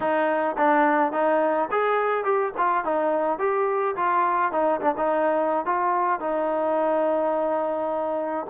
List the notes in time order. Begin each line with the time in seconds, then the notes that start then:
0.00 D#4
0.57 D4
1.12 D#4
1.71 G#4
2.24 G4
2.57 F4
2.84 D#4
3.39 G4
3.96 F4
4.52 D#4
4.80 D4
4.97 D#4
5.65 F4
6.20 D#4